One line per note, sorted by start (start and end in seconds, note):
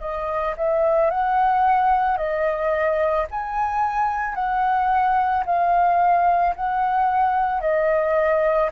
0.00 0.55 D#5
0.57 1.10 E5
1.10 2.17 F#5
2.17 3.26 D#5
3.30 4.34 G#5
4.34 5.43 F#5
5.45 6.54 F5
6.55 7.61 F#5
7.61 8.70 D#5